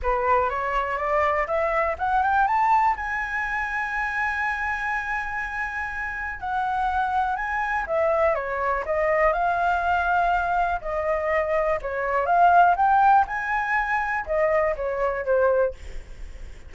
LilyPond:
\new Staff \with { instrumentName = "flute" } { \time 4/4 \tempo 4 = 122 b'4 cis''4 d''4 e''4 | fis''8 g''8 a''4 gis''2~ | gis''1~ | gis''4 fis''2 gis''4 |
e''4 cis''4 dis''4 f''4~ | f''2 dis''2 | cis''4 f''4 g''4 gis''4~ | gis''4 dis''4 cis''4 c''4 | }